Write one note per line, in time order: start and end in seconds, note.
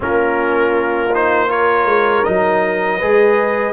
0.00 1.85 A#3
0.00 1.09 C#4
0.00 1.48 F4
0.00 1.14 A#4
1.14 1.48 D#4
1.14 1.50 C5
1.48 2.23 F4
1.48 2.98 A#4
1.48 2.24 C#5
1.85 2.22 G#3
2.24 3.02 F#3
2.24 3.00 D#4
2.24 3.73 D#5
2.98 3.73 G#3
2.98 3.73 G#4
2.98 3.73 B4